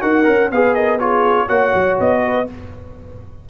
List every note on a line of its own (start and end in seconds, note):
0.00 0.27 D#4
0.00 0.23 F#4
0.00 0.50 A#4
0.00 0.50 F#5
0.23 0.51 C#4
0.23 0.48 A#4
0.51 1.49 B3
0.51 0.99 G#4
0.51 0.75 B4
0.51 0.74 F5
0.74 1.00 A#4
0.74 0.98 D#5
0.99 1.48 F4
0.99 1.46 G#4
0.99 1.48 C#5
1.46 1.73 A#3
1.46 2.46 F#4
1.46 2.20 C#5
1.46 1.97 F#5
1.74 1.98 F#3
1.99 2.48 B3
1.99 2.49 D#5
2.24 2.49 B4